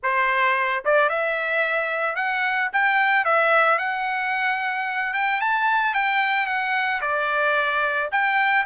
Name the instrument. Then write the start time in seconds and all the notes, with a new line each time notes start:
trumpet
0.03 C5
0.84 D5
1.09 E5
2.15 F#5
2.72 G5
3.24 E5
3.78 F#5
5.13 G5
5.40 A5
5.94 G5
6.46 F#5
7.01 D5
8.11 G5